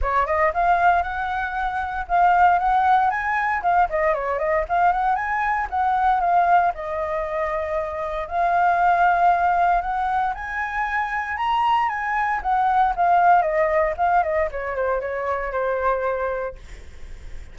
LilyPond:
\new Staff \with { instrumentName = "flute" } { \time 4/4 \tempo 4 = 116 cis''8 dis''8 f''4 fis''2 | f''4 fis''4 gis''4 f''8 dis''8 | cis''8 dis''8 f''8 fis''8 gis''4 fis''4 | f''4 dis''2. |
f''2. fis''4 | gis''2 ais''4 gis''4 | fis''4 f''4 dis''4 f''8 dis''8 | cis''8 c''8 cis''4 c''2 | }